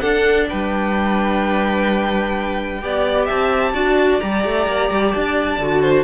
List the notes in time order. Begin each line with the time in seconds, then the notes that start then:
0.00 D4 A4 F#5
0.49 G3 B4 G5
2.82 B3 G4 D5
3.26 C4 E5 A5
3.74 D4 F#4 D5
4.20 G3 G4 A#5
4.45 A3
4.67 A#3
4.91 G3
5.12 D4 A5
5.59 D3 F#4
5.82 C5